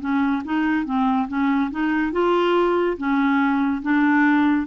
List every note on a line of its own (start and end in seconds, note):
0.00 0.42 C#4
0.44 0.85 D#4
0.85 1.28 C4
1.28 1.70 C#4
1.71 2.12 D#4
2.12 2.97 F4
2.97 3.82 C#4
3.82 4.66 D4